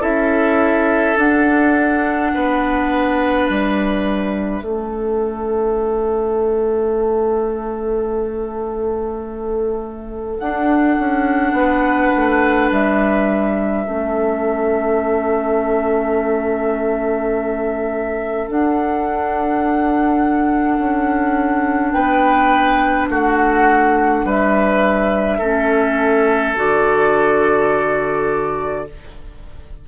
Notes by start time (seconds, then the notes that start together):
0.00 C#4 E4 A4 E5
1.16 D4 F#5
2.33 B3 B4
3.46 G3 E5
4.61 A3 C#4 A4
10.38 D4 F#5
10.98 C#4
11.52 B3 B4
12.16 A3
12.71 G3 E5
13.85 A3 C#4 A4
18.48 D4 F#5
20.78 C#4
21.91 B3 B4 G5
23.09 A3 F#4 F#5
24.24 G3 B4 E5
25.38 A3 C#4 A4
26.56 D3 F#4 D5